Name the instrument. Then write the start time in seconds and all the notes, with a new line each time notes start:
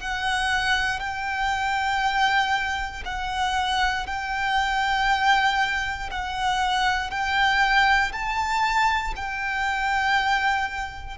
violin
0.00 F#5
1.00 G5
3.06 F#5
4.07 G5
6.11 F#5
7.10 G5
8.13 A5
9.16 G5